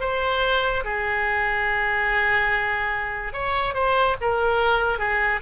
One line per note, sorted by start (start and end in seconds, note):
0.00 0.83 C5
0.84 3.33 G#4
3.33 3.74 C#5
3.74 4.16 C5
4.20 4.98 A#4
4.98 5.40 G#4